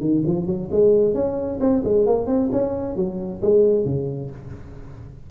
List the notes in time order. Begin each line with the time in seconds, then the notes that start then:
0.00 D#3
0.26 F3
0.46 F#3
0.71 G#3
1.14 C#4
1.60 C4
1.84 G#3
2.06 A#3
2.27 C4
2.52 C#4
2.96 F#3
3.41 G#3
3.85 C#3